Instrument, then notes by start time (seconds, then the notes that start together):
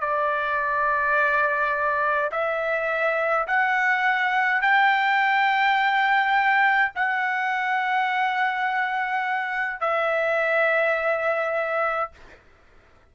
trumpet
0.00 D5
2.31 E5
3.47 F#5
4.62 G5
6.95 F#5
9.80 E5